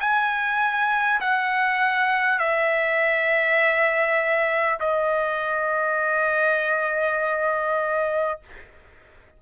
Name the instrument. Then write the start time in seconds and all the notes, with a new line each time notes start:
trumpet
0.00 G#5
1.21 F#5
2.39 E5
4.79 D#5